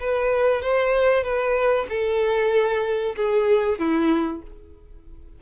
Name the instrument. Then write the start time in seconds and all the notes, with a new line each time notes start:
violin
0.00 B4
0.62 C5
1.23 B4
1.89 A4
3.16 G#4
3.79 E4